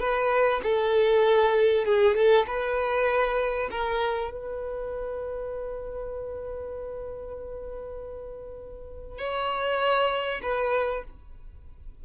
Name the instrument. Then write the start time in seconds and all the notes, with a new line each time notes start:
violin
0.00 B4
0.63 A4
1.85 G#4
2.16 A4
2.47 B4
3.71 A#4
4.31 B4
9.18 C#5
10.42 B4